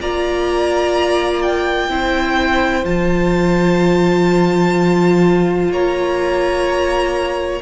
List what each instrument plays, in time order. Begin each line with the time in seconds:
0.00 cello A#3, viola F4, violin D5 A#5
1.42 violin G5
1.89 cello C4, viola E4, violin C5
2.85 cello F3, viola F4, violin A5
5.70 cello A#3, violin C#5 A#5